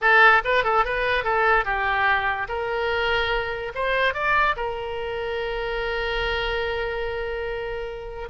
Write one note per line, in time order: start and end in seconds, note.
0.01 0.42 A4
0.44 0.64 B4
0.64 0.84 A4
0.84 1.23 B4
1.23 1.64 A4
1.64 2.47 G4
2.48 3.72 A#4
3.74 4.14 C5
4.14 4.55 D5
4.56 8.28 A#4